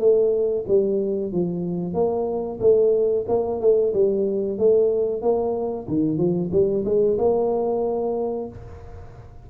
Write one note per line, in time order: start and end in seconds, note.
0.00 0.65 A3
0.68 1.33 G3
1.33 1.94 F3
1.94 2.59 A#3
2.60 3.25 A3
3.28 3.61 A#3
3.61 3.94 A3
3.94 4.59 G3
4.59 5.22 A3
5.22 5.87 A#3
5.88 6.18 D#3
6.18 6.51 F3
6.52 6.85 G3
6.86 7.18 G#3
7.19 8.49 A#3